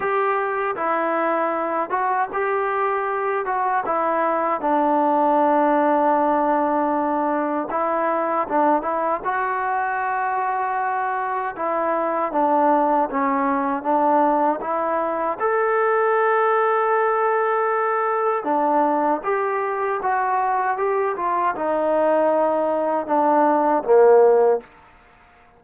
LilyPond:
\new Staff \with { instrumentName = "trombone" } { \time 4/4 \tempo 4 = 78 g'4 e'4. fis'8 g'4~ | g'8 fis'8 e'4 d'2~ | d'2 e'4 d'8 e'8 | fis'2. e'4 |
d'4 cis'4 d'4 e'4 | a'1 | d'4 g'4 fis'4 g'8 f'8 | dis'2 d'4 ais4 | }